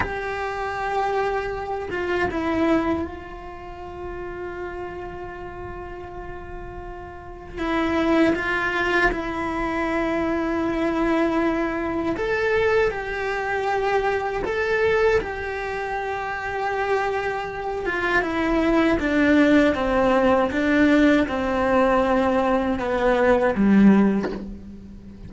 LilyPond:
\new Staff \with { instrumentName = "cello" } { \time 4/4 \tempo 4 = 79 g'2~ g'8 f'8 e'4 | f'1~ | f'2 e'4 f'4 | e'1 |
a'4 g'2 a'4 | g'2.~ g'8 f'8 | e'4 d'4 c'4 d'4 | c'2 b4 g4 | }